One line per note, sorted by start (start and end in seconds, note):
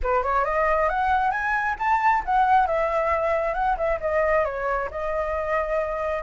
0.02 0.23 B4
0.23 0.44 C#5
0.44 0.89 D#5
0.89 1.31 F#5
1.31 1.75 G#5
1.79 2.23 A5
2.25 2.67 F#5
2.67 3.54 E5
3.54 3.76 F#5
3.77 3.99 E5
4.00 4.44 D#5
4.44 4.89 C#5
4.91 6.22 D#5